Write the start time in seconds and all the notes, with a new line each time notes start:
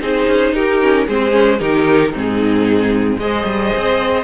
0.00 C4 D#4 G#4 C5
0.27 C#4
0.53 D#4 G4 A#4
0.81 C#4
1.07 G#3 C4 G#4 C5
1.31 C#4
1.59 D#3 D#4 G4 A#4
2.12 G#2 C4 D#4
2.18 G#4
3.16 G#3 G#4 C5 D#5
3.44 G3
3.76 C4